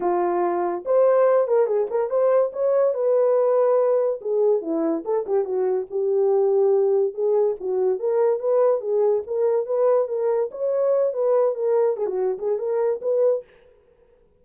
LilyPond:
\new Staff \with { instrumentName = "horn" } { \time 4/4 \tempo 4 = 143 f'2 c''4. ais'8 | gis'8 ais'8 c''4 cis''4 b'4~ | b'2 gis'4 e'4 | a'8 g'8 fis'4 g'2~ |
g'4 gis'4 fis'4 ais'4 | b'4 gis'4 ais'4 b'4 | ais'4 cis''4. b'4 ais'8~ | ais'8 gis'16 fis'8. gis'8 ais'4 b'4 | }